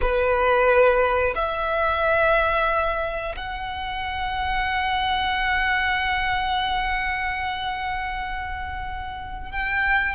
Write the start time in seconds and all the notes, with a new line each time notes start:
0.01 B4
1.35 E5
3.36 F#5
9.51 G5